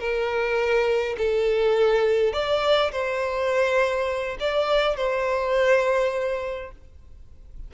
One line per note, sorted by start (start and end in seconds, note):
0.00 1.17 A#4
1.18 2.33 A4
2.33 2.92 D5
2.92 4.37 C5
4.40 4.97 D5
4.97 6.71 C5